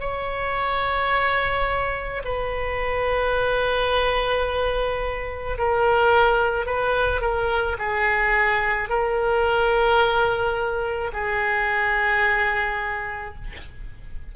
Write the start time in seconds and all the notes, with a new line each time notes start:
0.00 C#5
2.24 B4
5.58 A#4
6.66 B4
7.21 A#4
7.78 G#4
8.89 A#4
11.13 G#4